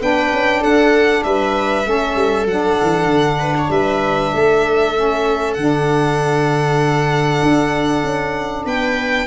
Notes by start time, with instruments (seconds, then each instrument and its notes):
0.00 tuba B3, saxophone D4, viola B4, violin G5
0.32 tuba C#4
0.60 tuba D4, viola A4, violin F#5
1.23 tuba G3, viola B4, violin E5
1.84 tuba A3, saxophone C#4, viola A4
2.16 tuba G3
2.46 tuba F#3, saxophone D4, violin F#5
2.82 tuba E3
3.05 tuba D3
3.40 viola B4
3.58 viola C#5
3.70 tuba G3, viola B4, violin E5
4.34 tuba A3, viola A4
4.95 saxophone C#4
5.54 tuba D3, saxophone D4, violin F#5
7.42 tuba D4
8.03 tuba C#4
8.65 tuba B3, viola B4, violin G5